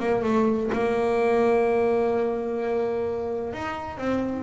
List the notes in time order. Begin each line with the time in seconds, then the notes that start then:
0.00 A#3
0.23 A3
0.73 A#3
3.53 D#4
3.98 C4